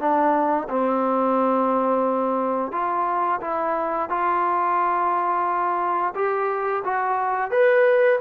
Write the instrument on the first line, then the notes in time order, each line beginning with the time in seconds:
trombone
0.00 D4
0.70 C4
2.72 F4
3.42 E4
4.10 F4
6.15 G4
6.85 F#4
7.52 B4